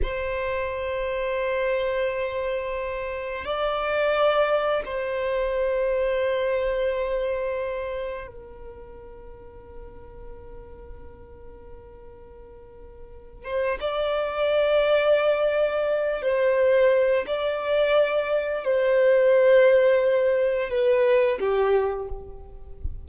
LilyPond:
\new Staff \with { instrumentName = "violin" } { \time 4/4 \tempo 4 = 87 c''1~ | c''4 d''2 c''4~ | c''1 | ais'1~ |
ais'2.~ ais'8 c''8 | d''2.~ d''8 c''8~ | c''4 d''2 c''4~ | c''2 b'4 g'4 | }